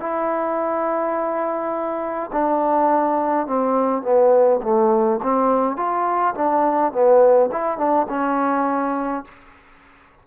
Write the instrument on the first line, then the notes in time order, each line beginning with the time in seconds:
trombone
0.00 E4
2.33 D4
3.47 C4
4.03 B3
4.63 A3
5.23 C4
5.77 F4
6.35 D4
6.93 B3
7.52 E4
7.78 D4
8.09 C#4